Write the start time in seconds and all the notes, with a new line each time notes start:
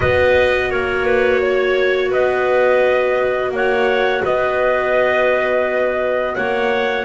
0.00 B3 F#4 B4 D#5
0.70 A#3 A#4 C#5
1.05 B4
1.42 C#5
2.10 B3 B4 D#5
3.51 A#3 C#5 F#5
4.22 B3 B4 D#5
6.35 A#3 C#5 F#5